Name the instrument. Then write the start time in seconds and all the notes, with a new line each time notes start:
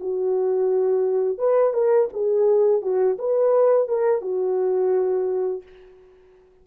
horn
0.00 F#4
1.38 B4
1.73 A#4
2.13 G#4
2.82 F#4
3.19 B4
3.88 A#4
4.21 F#4